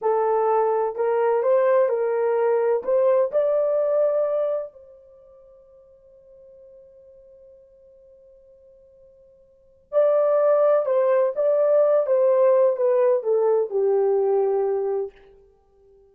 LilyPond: \new Staff \with { instrumentName = "horn" } { \time 4/4 \tempo 4 = 127 a'2 ais'4 c''4 | ais'2 c''4 d''4~ | d''2 c''2~ | c''1~ |
c''1~ | c''4 d''2 c''4 | d''4. c''4. b'4 | a'4 g'2. | }